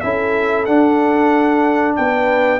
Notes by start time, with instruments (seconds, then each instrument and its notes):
0.00 tuba C#4, trombone E4, horn A4, trumpet E5
0.65 trombone D4, tuba D4, trumpet F#5
1.95 tuba B3, horn B4, trumpet G5